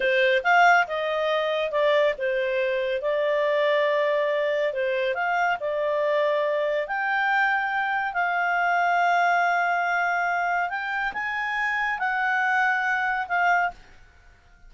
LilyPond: \new Staff \with { instrumentName = "clarinet" } { \time 4/4 \tempo 4 = 140 c''4 f''4 dis''2 | d''4 c''2 d''4~ | d''2. c''4 | f''4 d''2. |
g''2. f''4~ | f''1~ | f''4 g''4 gis''2 | fis''2. f''4 | }